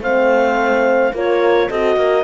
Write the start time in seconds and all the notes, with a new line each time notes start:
0.00 A3 C4 C5 F5
1.13 A#3 F4 A#4 C#5
1.69 C4 F#4 A4 D#5
1.96 A#3 A#4